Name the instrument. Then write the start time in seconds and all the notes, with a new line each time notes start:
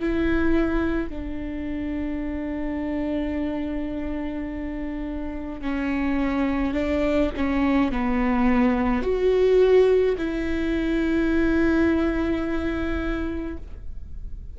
viola
0.00 E4
1.10 D4
5.62 C#4
6.74 D4
7.37 C#4
7.92 B3
9.03 F#4
10.18 E4